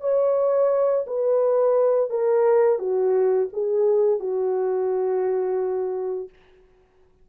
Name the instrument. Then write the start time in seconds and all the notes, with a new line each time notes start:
horn
0.00 C#5
1.07 B4
2.10 A#4
2.78 F#4
3.52 G#4
4.19 F#4